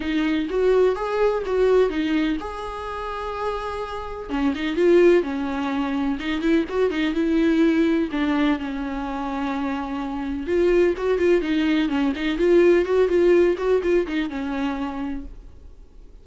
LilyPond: \new Staff \with { instrumentName = "viola" } { \time 4/4 \tempo 4 = 126 dis'4 fis'4 gis'4 fis'4 | dis'4 gis'2.~ | gis'4 cis'8 dis'8 f'4 cis'4~ | cis'4 dis'8 e'8 fis'8 dis'8 e'4~ |
e'4 d'4 cis'2~ | cis'2 f'4 fis'8 f'8 | dis'4 cis'8 dis'8 f'4 fis'8 f'8~ | f'8 fis'8 f'8 dis'8 cis'2 | }